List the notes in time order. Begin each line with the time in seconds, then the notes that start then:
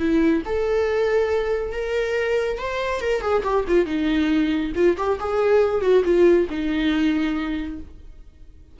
0.00 E4
0.46 A4
1.73 A#4
2.59 C5
3.01 A#4
3.22 G#4
3.44 G4
3.68 F4
3.86 D#4
4.75 F4
4.98 G4
5.20 G#4
5.82 F#4
6.05 F4
6.50 D#4